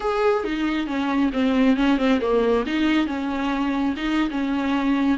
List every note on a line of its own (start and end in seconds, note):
0.00 0.44 G#4
0.44 0.86 D#4
0.86 1.31 C#4
1.32 1.76 C4
1.76 1.98 C#4
1.98 2.20 C4
2.20 2.65 A#3
2.66 3.07 D#4
3.07 3.95 C#4
3.96 4.29 D#4
4.30 5.18 C#4